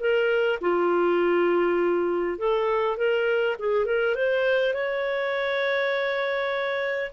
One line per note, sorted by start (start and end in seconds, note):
0.00 0.59 A#4
0.61 2.38 F4
2.38 2.97 A4
2.97 3.57 A#4
3.59 3.86 G#4
3.86 4.15 A#4
4.15 4.74 C5
4.74 7.12 C#5